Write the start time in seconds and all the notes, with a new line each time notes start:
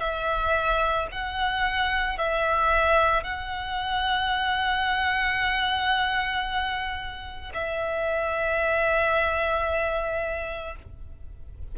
0.00 E5
1.12 F#5
2.18 E5
3.23 F#5
7.54 E5